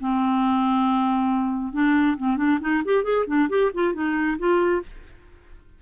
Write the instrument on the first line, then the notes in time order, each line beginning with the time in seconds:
clarinet
0.00 C4
1.73 D4
2.17 C4
2.37 D4
2.61 D#4
2.85 G4
3.04 G#4
3.27 D4
3.49 G4
3.74 F4
3.94 D#4
4.38 F4